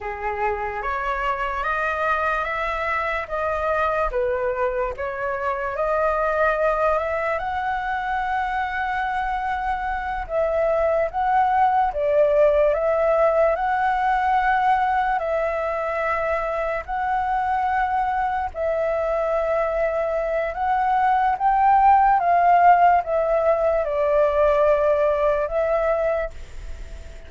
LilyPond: \new Staff \with { instrumentName = "flute" } { \time 4/4 \tempo 4 = 73 gis'4 cis''4 dis''4 e''4 | dis''4 b'4 cis''4 dis''4~ | dis''8 e''8 fis''2.~ | fis''8 e''4 fis''4 d''4 e''8~ |
e''8 fis''2 e''4.~ | e''8 fis''2 e''4.~ | e''4 fis''4 g''4 f''4 | e''4 d''2 e''4 | }